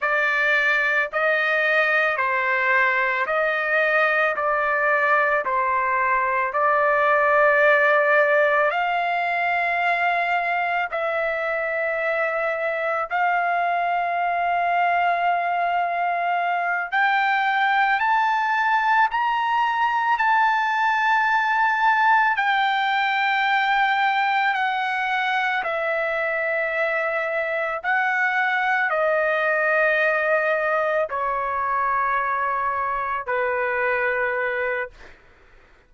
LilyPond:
\new Staff \with { instrumentName = "trumpet" } { \time 4/4 \tempo 4 = 55 d''4 dis''4 c''4 dis''4 | d''4 c''4 d''2 | f''2 e''2 | f''2.~ f''8 g''8~ |
g''8 a''4 ais''4 a''4.~ | a''8 g''2 fis''4 e''8~ | e''4. fis''4 dis''4.~ | dis''8 cis''2 b'4. | }